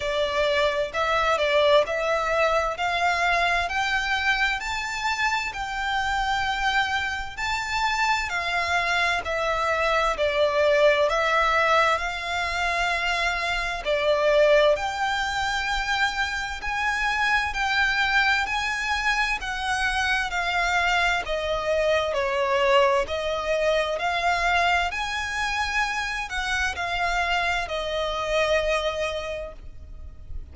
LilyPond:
\new Staff \with { instrumentName = "violin" } { \time 4/4 \tempo 4 = 65 d''4 e''8 d''8 e''4 f''4 | g''4 a''4 g''2 | a''4 f''4 e''4 d''4 | e''4 f''2 d''4 |
g''2 gis''4 g''4 | gis''4 fis''4 f''4 dis''4 | cis''4 dis''4 f''4 gis''4~ | gis''8 fis''8 f''4 dis''2 | }